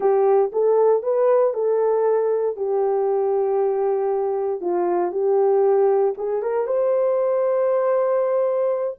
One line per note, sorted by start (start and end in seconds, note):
0.00 0.51 G4
0.52 1.03 A4
1.03 1.53 B4
1.53 2.56 A4
2.56 4.60 G4
4.60 5.11 F4
5.11 6.14 G4
6.17 6.42 G#4
6.42 6.66 A#4
6.66 8.97 C5